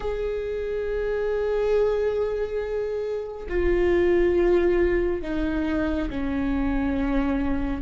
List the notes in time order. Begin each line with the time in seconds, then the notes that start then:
0.00 G#4
3.48 F4
5.22 D#4
6.09 C#4